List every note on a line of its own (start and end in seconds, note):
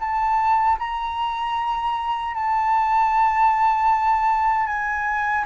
0.00 0.78 A5
0.79 2.34 A#5
2.34 4.67 A5
4.67 5.45 G#5